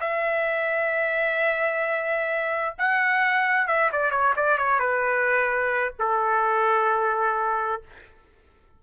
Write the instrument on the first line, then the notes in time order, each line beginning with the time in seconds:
trumpet
0.00 E5
2.78 F#5
3.67 E5
3.92 D5
4.11 C#5
4.36 D5
4.58 C#5
4.79 B4
5.99 A4